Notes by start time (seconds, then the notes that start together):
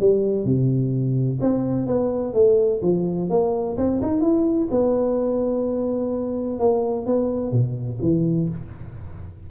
0.00 G3
0.44 C3
1.41 C4
1.87 B3
2.33 A3
2.82 F3
3.29 A#3
3.77 C4
4.02 D#4
4.21 E4
4.71 B3
6.59 A#3
7.06 B3
7.52 B2
8.01 E3